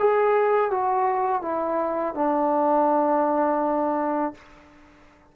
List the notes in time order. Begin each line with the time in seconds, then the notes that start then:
0.00 G#4
0.71 F#4
1.42 E4
2.15 D4